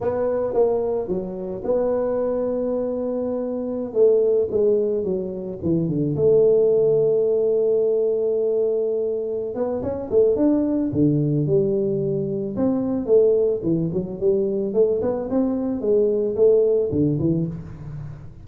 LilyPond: \new Staff \with { instrumentName = "tuba" } { \time 4/4 \tempo 4 = 110 b4 ais4 fis4 b4~ | b2.~ b16 a8.~ | a16 gis4 fis4 e8 d8 a8.~ | a1~ |
a4. b8 cis'8 a8 d'4 | d4 g2 c'4 | a4 e8 fis8 g4 a8 b8 | c'4 gis4 a4 d8 e8 | }